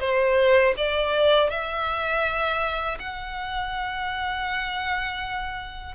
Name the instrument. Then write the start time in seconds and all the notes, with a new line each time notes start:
violin
0.00 C5
0.77 D5
1.50 E5
2.99 F#5